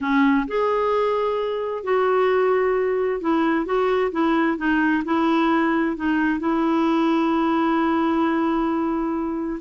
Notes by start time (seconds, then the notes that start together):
0.01 C#4
0.47 G#4
1.83 F#4
3.20 E4
3.65 F#4
4.11 E4
4.57 D#4
5.04 E4
5.96 D#4
6.39 E4